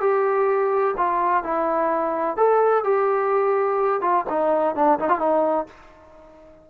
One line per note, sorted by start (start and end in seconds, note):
0.00 0.94 G4
0.97 1.43 F4
1.43 2.36 E4
2.36 2.83 A4
2.83 4.01 G4
4.01 4.25 F4
4.29 4.75 D#4
4.75 4.98 D4
4.99 5.08 D#4
5.08 5.19 F4
5.19 5.66 D#4